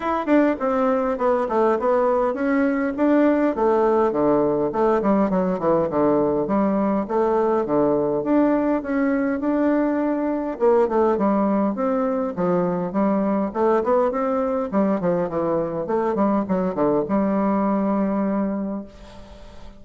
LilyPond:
\new Staff \with { instrumentName = "bassoon" } { \time 4/4 \tempo 4 = 102 e'8 d'8 c'4 b8 a8 b4 | cis'4 d'4 a4 d4 | a8 g8 fis8 e8 d4 g4 | a4 d4 d'4 cis'4 |
d'2 ais8 a8 g4 | c'4 f4 g4 a8 b8 | c'4 g8 f8 e4 a8 g8 | fis8 d8 g2. | }